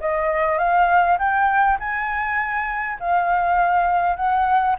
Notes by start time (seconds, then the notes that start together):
0.00 D#5
0.58 F5
1.18 G5
1.79 G#5
3.00 F5
4.16 F#5